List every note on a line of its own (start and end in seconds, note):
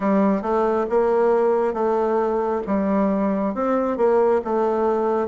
0.00 0.42 G3
0.42 0.86 A3
0.89 1.73 A#3
1.73 2.61 A3
2.66 3.54 G3
3.54 3.97 C4
3.97 4.41 A#3
4.44 5.27 A3